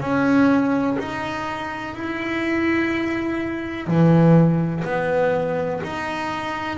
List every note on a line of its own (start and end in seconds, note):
0.00 0.97 C#4
0.99 1.94 D#4
1.94 3.87 E4
3.87 4.83 E3
4.84 5.81 B3
5.84 6.77 D#4